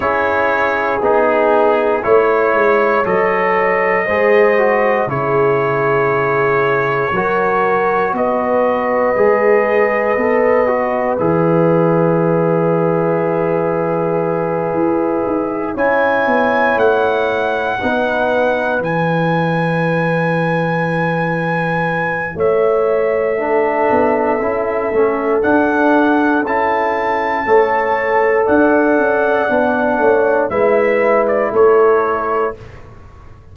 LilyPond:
<<
  \new Staff \with { instrumentName = "trumpet" } { \time 4/4 \tempo 4 = 59 cis''4 gis'4 cis''4 dis''4~ | dis''4 cis''2. | dis''2. e''4~ | e''2.~ e''8 gis''8~ |
gis''8 fis''2 gis''4.~ | gis''2 e''2~ | e''4 fis''4 a''2 | fis''2 e''8. d''16 cis''4 | }
  \new Staff \with { instrumentName = "horn" } { \time 4/4 gis'2 cis''2 | c''4 gis'2 ais'4 | b'1~ | b'2.~ b'8 cis''8~ |
cis''4. b'2~ b'8~ | b'2 cis''4 a'4~ | a'2. cis''4 | d''4. cis''8 b'4 a'4 | }
  \new Staff \with { instrumentName = "trombone" } { \time 4/4 e'4 dis'4 e'4 a'4 | gis'8 fis'8 e'2 fis'4~ | fis'4 gis'4 a'8 fis'8 gis'4~ | gis'2.~ gis'8 e'8~ |
e'4. dis'4 e'4.~ | e'2. d'4 | e'8 cis'8 d'4 e'4 a'4~ | a'4 d'4 e'2 | }
  \new Staff \with { instrumentName = "tuba" } { \time 4/4 cis'4 b4 a8 gis8 fis4 | gis4 cis2 fis4 | b4 gis4 b4 e4~ | e2~ e8 e'8 dis'8 cis'8 |
b8 a4 b4 e4.~ | e2 a4. b8 | cis'8 a8 d'4 cis'4 a4 | d'8 cis'8 b8 a8 gis4 a4 | }
>>